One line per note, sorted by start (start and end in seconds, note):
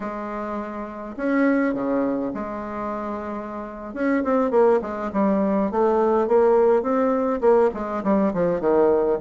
0.00 1.15 G#3
1.16 1.73 C#4
1.73 2.32 C#3
2.34 3.93 G#3
3.93 4.23 C#4
4.24 4.50 C4
4.50 4.80 A#3
4.81 5.10 G#3
5.12 5.71 G3
5.71 6.27 A3
6.27 6.82 A#3
6.82 7.40 C4
7.41 7.70 A#3
7.73 8.03 G#3
8.03 8.32 G3
8.33 8.60 F3
8.60 9.18 D#3